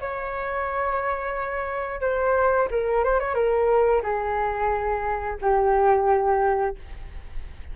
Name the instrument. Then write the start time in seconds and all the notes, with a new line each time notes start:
flute
0.00 C#5
2.01 C5
2.71 A#4
3.04 C5
3.19 C#5
3.34 A#4
4.02 G#4
5.41 G4